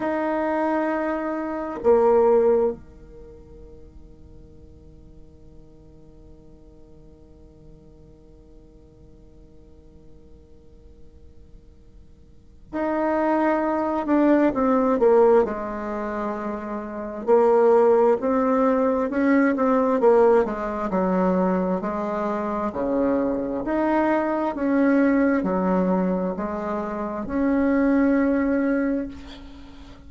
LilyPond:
\new Staff \with { instrumentName = "bassoon" } { \time 4/4 \tempo 4 = 66 dis'2 ais4 dis4~ | dis1~ | dis1~ | dis2 dis'4. d'8 |
c'8 ais8 gis2 ais4 | c'4 cis'8 c'8 ais8 gis8 fis4 | gis4 cis4 dis'4 cis'4 | fis4 gis4 cis'2 | }